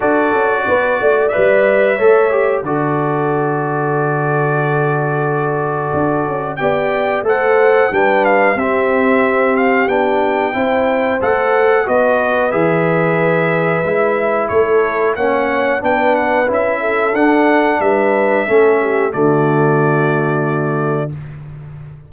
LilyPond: <<
  \new Staff \with { instrumentName = "trumpet" } { \time 4/4 \tempo 4 = 91 d''2 e''2 | d''1~ | d''2 g''4 fis''4 | g''8 f''8 e''4. f''8 g''4~ |
g''4 fis''4 dis''4 e''4~ | e''2 cis''4 fis''4 | g''8 fis''8 e''4 fis''4 e''4~ | e''4 d''2. | }
  \new Staff \with { instrumentName = "horn" } { \time 4/4 a'4 b'8 d''4. cis''4 | a'1~ | a'2 d''4 c''4 | b'4 g'2. |
c''2 b'2~ | b'2 a'4 cis''4 | b'4. a'4. b'4 | a'8 g'8 fis'2. | }
  \new Staff \with { instrumentName = "trombone" } { \time 4/4 fis'2 b'4 a'8 g'8 | fis'1~ | fis'2 g'4 a'4 | d'4 c'2 d'4 |
e'4 a'4 fis'4 gis'4~ | gis'4 e'2 cis'4 | d'4 e'4 d'2 | cis'4 a2. | }
  \new Staff \with { instrumentName = "tuba" } { \time 4/4 d'8 cis'8 b8 a8 g4 a4 | d1~ | d4 d'8 cis'8 b4 a4 | g4 c'2 b4 |
c'4 a4 b4 e4~ | e4 gis4 a4 ais4 | b4 cis'4 d'4 g4 | a4 d2. | }
>>